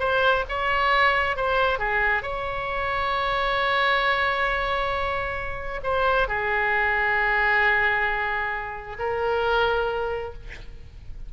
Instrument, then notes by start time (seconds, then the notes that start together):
oboe
0.00 C5
0.49 C#5
1.37 C5
1.79 G#4
2.23 C#5
5.83 C5
6.28 G#4
8.99 A#4